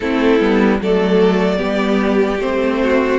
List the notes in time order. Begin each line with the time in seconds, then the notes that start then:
0.00 A3 C4 E4 A4
0.39 G3 B3
0.80 F#3 A3 A4 D5
1.57 G3 B3 G4
2.39 A3 C4 C5
2.82 F#4